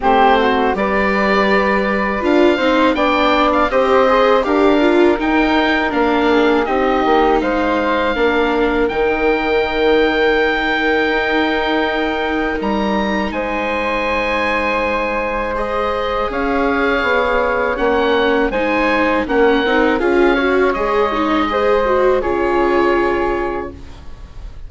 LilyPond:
<<
  \new Staff \with { instrumentName = "oboe" } { \time 4/4 \tempo 4 = 81 c''4 d''2 f''4 | g''8. f''16 dis''4 f''4 g''4 | f''4 dis''4 f''2 | g''1~ |
g''4 ais''4 gis''2~ | gis''4 dis''4 f''2 | fis''4 gis''4 fis''4 f''4 | dis''2 cis''2 | }
  \new Staff \with { instrumentName = "flute" } { \time 4/4 g'8 fis'8 b'2~ b'8 c''8 | d''4 c''4 ais'2~ | ais'8 gis'8 g'4 c''4 ais'4~ | ais'1~ |
ais'2 c''2~ | c''2 cis''2~ | cis''4 c''4 ais'4 gis'8 cis''8~ | cis''4 c''4 gis'2 | }
  \new Staff \with { instrumentName = "viola" } { \time 4/4 c'4 g'2 f'8 dis'8 | d'4 g'8 gis'8 g'8 f'8 dis'4 | d'4 dis'2 d'4 | dis'1~ |
dis'1~ | dis'4 gis'2. | cis'4 dis'4 cis'8 dis'8 f'8 fis'8 | gis'8 dis'8 gis'8 fis'8 f'2 | }
  \new Staff \with { instrumentName = "bassoon" } { \time 4/4 a4 g2 d'8 c'8 | b4 c'4 d'4 dis'4 | ais4 c'8 ais8 gis4 ais4 | dis2. dis'4~ |
dis'4 g4 gis2~ | gis2 cis'4 b4 | ais4 gis4 ais8 c'8 cis'4 | gis2 cis2 | }
>>